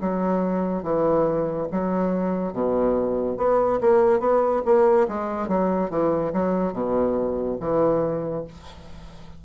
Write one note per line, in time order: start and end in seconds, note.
0.00 0.83 F#3
0.83 1.67 E3
1.71 2.52 F#3
2.52 3.37 B2
3.37 3.79 B3
3.81 4.19 A#3
4.19 4.62 B3
4.65 5.07 A#3
5.08 5.48 G#3
5.48 5.90 F#3
5.90 6.32 E3
6.33 6.73 F#3
6.73 7.57 B2
7.60 8.44 E3